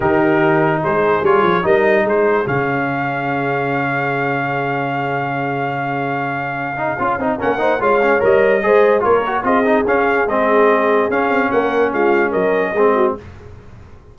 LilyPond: <<
  \new Staff \with { instrumentName = "trumpet" } { \time 4/4 \tempo 4 = 146 ais'2 c''4 cis''4 | dis''4 c''4 f''2~ | f''1~ | f''1~ |
f''2 fis''4 f''4 | dis''2 cis''4 dis''4 | f''4 dis''2 f''4 | fis''4 f''4 dis''2 | }
  \new Staff \with { instrumentName = "horn" } { \time 4/4 g'2 gis'2 | ais'4 gis'2.~ | gis'1~ | gis'1~ |
gis'2 ais'8 c''8 cis''4~ | cis''4 c''4 ais'4 gis'4~ | gis'1 | ais'4 f'4 ais'4 gis'8 fis'8 | }
  \new Staff \with { instrumentName = "trombone" } { \time 4/4 dis'2. f'4 | dis'2 cis'2~ | cis'1~ | cis'1~ |
cis'8 dis'8 f'8 dis'8 cis'8 dis'8 f'8 cis'8 | ais'4 gis'4 f'8 fis'8 f'8 dis'8 | cis'4 c'2 cis'4~ | cis'2. c'4 | }
  \new Staff \with { instrumentName = "tuba" } { \time 4/4 dis2 gis4 g8 f8 | g4 gis4 cis2~ | cis1~ | cis1~ |
cis4 cis'8 c'8 ais4 gis4 | g4 gis4 ais4 c'4 | cis'4 gis2 cis'8 c'8 | ais4 gis4 fis4 gis4 | }
>>